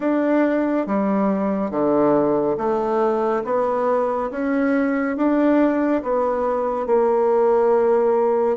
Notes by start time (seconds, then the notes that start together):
0.00 D4
0.86 G3
1.71 D3
2.57 A3
3.44 B3
4.31 C#4
5.16 D4
6.02 B3
6.86 A#3